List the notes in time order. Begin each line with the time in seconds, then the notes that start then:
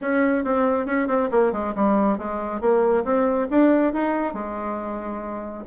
0.01 C#4
0.44 C4
0.86 C#4
1.07 C4
1.31 A#3
1.52 G#3
1.75 G3
2.18 G#3
2.60 A#3
3.04 C4
3.50 D4
3.93 D#4
4.33 G#3